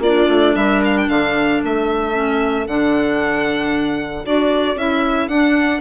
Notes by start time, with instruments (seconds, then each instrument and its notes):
0.00 bassoon A#3, viola F4, violin D5
0.06 clarinet D4
0.29 bassoon A3
0.55 bassoon G3, viola A#4, violin E5
0.85 violin F5
0.98 violin G5
1.09 bassoon D3, viola A4, violin F5
1.64 bassoon A3, violin E5
2.13 clarinet C#4
2.68 bassoon D3, clarinet D4, violin F#5
4.26 bassoon D4, clarinet F#4, violin D5
4.76 bassoon C#4, clarinet E4, violin E5
5.28 bassoon D4, clarinet D4, violin F#5